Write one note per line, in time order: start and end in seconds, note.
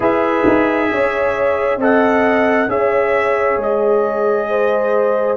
0.00 0.44 E4
0.00 1.79 G#4
0.00 0.88 B4
0.00 1.81 E5
0.46 0.91 D#4
0.91 1.77 C#4
0.91 1.79 C#5
1.77 2.66 C4
1.77 2.68 A4
1.77 2.69 D#5
1.77 2.70 F#5
2.68 3.57 C#4
2.68 5.37 G#4
2.68 4.49 C#5
2.68 3.59 E5
3.57 5.36 G#3
3.57 5.37 D#5
4.49 5.37 C5